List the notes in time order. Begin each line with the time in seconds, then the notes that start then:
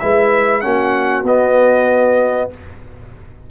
0.00 G#3 E4 B4 E5
0.61 A#3 C#4 F#4 F#5
1.23 B3 D#5